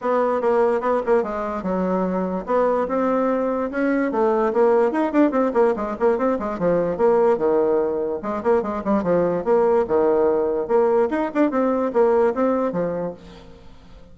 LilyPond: \new Staff \with { instrumentName = "bassoon" } { \time 4/4 \tempo 4 = 146 b4 ais4 b8 ais8 gis4 | fis2 b4 c'4~ | c'4 cis'4 a4 ais4 | dis'8 d'8 c'8 ais8 gis8 ais8 c'8 gis8 |
f4 ais4 dis2 | gis8 ais8 gis8 g8 f4 ais4 | dis2 ais4 dis'8 d'8 | c'4 ais4 c'4 f4 | }